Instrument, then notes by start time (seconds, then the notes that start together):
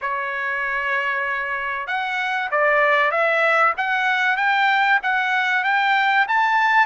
trumpet
0.01 C#5
1.87 F#5
2.51 D5
3.11 E5
3.77 F#5
4.37 G5
5.03 F#5
5.64 G5
6.28 A5